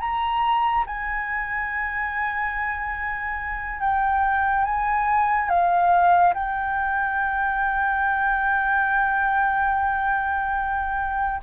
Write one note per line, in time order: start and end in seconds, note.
0.00 0.85 A#5
0.86 3.80 G#5
3.80 4.64 G5
4.64 5.49 G#5
5.49 6.33 F5
6.34 11.41 G5